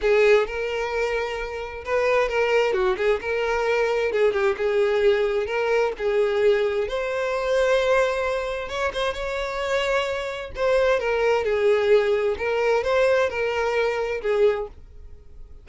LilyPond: \new Staff \with { instrumentName = "violin" } { \time 4/4 \tempo 4 = 131 gis'4 ais'2. | b'4 ais'4 fis'8 gis'8 ais'4~ | ais'4 gis'8 g'8 gis'2 | ais'4 gis'2 c''4~ |
c''2. cis''8 c''8 | cis''2. c''4 | ais'4 gis'2 ais'4 | c''4 ais'2 gis'4 | }